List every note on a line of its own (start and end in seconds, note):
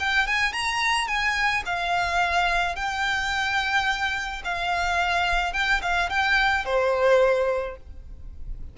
0.00 0.27 G5
0.27 0.53 G#5
0.53 1.08 A#5
1.08 1.63 G#5
1.66 2.76 F5
2.76 4.43 G5
4.45 5.54 F5
5.54 5.81 G5
5.82 6.10 F5
6.10 6.65 G5
6.65 7.77 C5